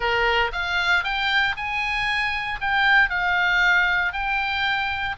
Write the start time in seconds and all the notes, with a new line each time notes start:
0.00 A#4
0.52 F5
1.03 G5
1.56 G#5
2.60 G5
3.09 F5
4.12 G5